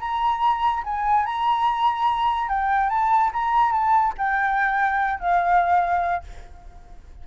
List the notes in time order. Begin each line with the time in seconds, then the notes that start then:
0.00 A#5
0.84 G#5
1.26 A#5
2.49 G5
2.90 A5
3.34 A#5
3.72 A5
4.18 G5
5.20 F5